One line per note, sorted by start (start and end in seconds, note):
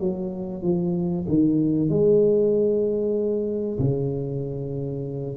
0.00 0.63 F#3
0.63 1.26 F3
1.28 1.89 D#3
1.89 3.79 G#3
3.79 5.37 C#3